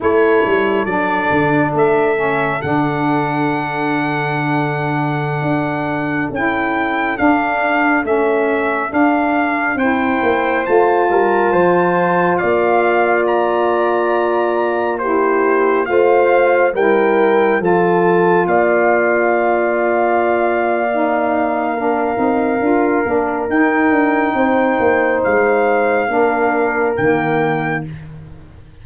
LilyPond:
<<
  \new Staff \with { instrumentName = "trumpet" } { \time 4/4 \tempo 4 = 69 cis''4 d''4 e''4 fis''4~ | fis''2.~ fis''16 g''8.~ | g''16 f''4 e''4 f''4 g''8.~ | g''16 a''2 f''4 ais''8.~ |
ais''4~ ais''16 c''4 f''4 g''8.~ | g''16 a''4 f''2~ f''8.~ | f''2. g''4~ | g''4 f''2 g''4 | }
  \new Staff \with { instrumentName = "horn" } { \time 4/4 a'1~ | a'1~ | a'2.~ a'16 c''8.~ | c''8. ais'8 c''4 d''4.~ d''16~ |
d''4~ d''16 g'4 c''4 ais'8.~ | ais'16 a'4 d''2~ d''8.~ | d''4 ais'2. | c''2 ais'2 | }
  \new Staff \with { instrumentName = "saxophone" } { \time 4/4 e'4 d'4. cis'8 d'4~ | d'2.~ d'16 e'8.~ | e'16 d'4 cis'4 d'4 e'8.~ | e'16 f'2.~ f'8.~ |
f'4~ f'16 e'4 f'4 e'8.~ | e'16 f'2.~ f'8. | dis'4 d'8 dis'8 f'8 d'8 dis'4~ | dis'2 d'4 ais4 | }
  \new Staff \with { instrumentName = "tuba" } { \time 4/4 a8 g8 fis8 d8 a4 d4~ | d2~ d16 d'4 cis'8.~ | cis'16 d'4 a4 d'4 c'8 ais16~ | ais16 a8 g8 f4 ais4.~ ais16~ |
ais2~ ais16 a4 g8.~ | g16 f4 ais2~ ais8.~ | ais4. c'8 d'8 ais8 dis'8 d'8 | c'8 ais8 gis4 ais4 dis4 | }
>>